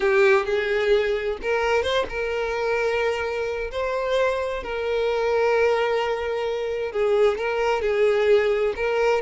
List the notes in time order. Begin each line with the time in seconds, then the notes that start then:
0.00 G4
0.45 G#4
1.42 A#4
1.82 C5
2.09 A#4
3.71 C5
4.63 A#4
6.91 G#4
7.38 A#4
7.81 G#4
8.75 A#4